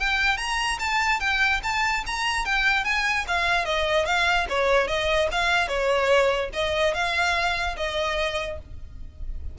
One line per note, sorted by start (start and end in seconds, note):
0.00 0.38 G5
0.38 0.78 A#5
0.79 1.20 A5
1.20 1.61 G5
1.63 2.04 A5
2.07 2.45 A#5
2.45 2.84 G5
2.84 3.25 G#5
3.28 3.66 F5
3.66 4.06 D#5
4.06 4.47 F5
4.50 4.88 C#5
4.88 5.29 D#5
5.32 5.68 F5
5.68 6.50 C#5
6.53 6.94 D#5
6.94 7.76 F5
7.77 8.59 D#5